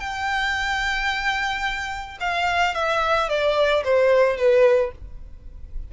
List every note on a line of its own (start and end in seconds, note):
0.00 2.18 G5
2.20 2.75 F5
2.75 3.29 E5
3.29 3.84 D5
3.84 4.37 C5
4.37 4.92 B4